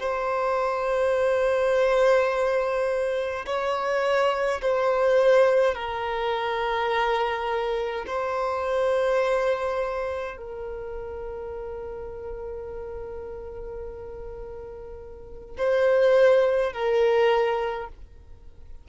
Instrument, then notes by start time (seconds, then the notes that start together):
violin
0.00 C5
3.46 C#5
4.62 C5
5.75 A#4
8.07 C5
10.37 A#4
15.58 C5
16.73 A#4